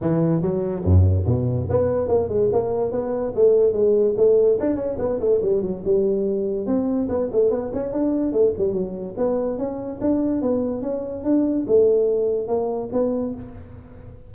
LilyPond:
\new Staff \with { instrumentName = "tuba" } { \time 4/4 \tempo 4 = 144 e4 fis4 fis,4 b,4 | b4 ais8 gis8 ais4 b4 | a4 gis4 a4 d'8 cis'8 | b8 a8 g8 fis8 g2 |
c'4 b8 a8 b8 cis'8 d'4 | a8 g8 fis4 b4 cis'4 | d'4 b4 cis'4 d'4 | a2 ais4 b4 | }